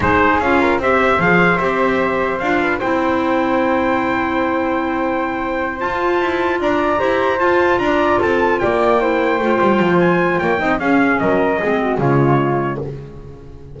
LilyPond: <<
  \new Staff \with { instrumentName = "trumpet" } { \time 4/4 \tempo 4 = 150 c''4 f''4 e''4 f''4 | e''2 f''4 g''4~ | g''1~ | g''2~ g''8 a''4.~ |
a''8 ais''2 a''4 ais''8~ | ais''8 a''4 g''2~ g''8~ | g''4 gis''4 g''4 f''4 | dis''2 cis''2 | }
  \new Staff \with { instrumentName = "flute" } { \time 4/4 gis'4. ais'8 c''2~ | c''2~ c''8 b'8 c''4~ | c''1~ | c''1~ |
c''8 d''4 c''2 d''8~ | d''8 a'4 d''4 c''4.~ | c''2 cis''8 dis''8 gis'4 | ais'4 gis'8 fis'8 f'2 | }
  \new Staff \with { instrumentName = "clarinet" } { \time 4/4 dis'4 f'4 g'4 gis'4 | g'2 f'4 e'4~ | e'1~ | e'2~ e'8 f'4.~ |
f'4. g'4 f'4.~ | f'2~ f'8 e'4 f'8~ | f'2~ f'8 dis'8 cis'4~ | cis'4 c'4 gis2 | }
  \new Staff \with { instrumentName = "double bass" } { \time 4/4 gis4 cis'4 c'4 f4 | c'2 d'4 c'4~ | c'1~ | c'2~ c'8 f'4 e'8~ |
e'8 d'4 e'4 f'4 d'8~ | d'8 c'4 ais2 a8 | g8 f4. ais8 c'8 cis'4 | fis4 gis4 cis2 | }
>>